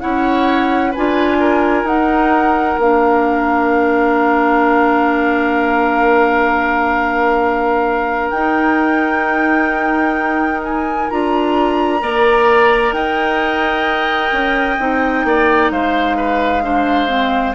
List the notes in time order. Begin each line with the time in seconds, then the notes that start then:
0.00 C#4 E4 C#5 F#5
0.91 D4 F4 B4 G#5
1.39 A#4
1.83 D#4 F#5
2.77 A#3 D4 F5
8.30 D#4 G5
10.64 G#5
11.10 D4 F4 A#5
11.99 A#3 A#4 D5
12.92 D#4 D#5 G5
14.32 C#4
14.79 C4 D#4
15.24 A#3 D5
15.71 G#3 C5 F5
16.17 B4
16.63 D4 C5
17.08 C4